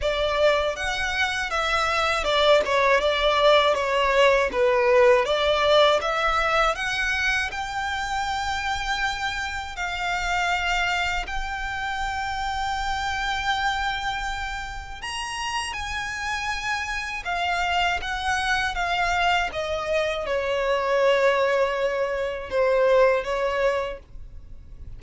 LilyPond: \new Staff \with { instrumentName = "violin" } { \time 4/4 \tempo 4 = 80 d''4 fis''4 e''4 d''8 cis''8 | d''4 cis''4 b'4 d''4 | e''4 fis''4 g''2~ | g''4 f''2 g''4~ |
g''1 | ais''4 gis''2 f''4 | fis''4 f''4 dis''4 cis''4~ | cis''2 c''4 cis''4 | }